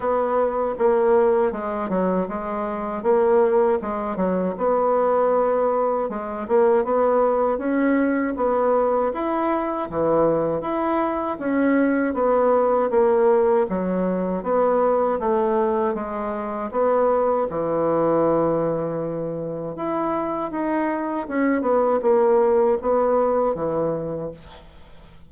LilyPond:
\new Staff \with { instrumentName = "bassoon" } { \time 4/4 \tempo 4 = 79 b4 ais4 gis8 fis8 gis4 | ais4 gis8 fis8 b2 | gis8 ais8 b4 cis'4 b4 | e'4 e4 e'4 cis'4 |
b4 ais4 fis4 b4 | a4 gis4 b4 e4~ | e2 e'4 dis'4 | cis'8 b8 ais4 b4 e4 | }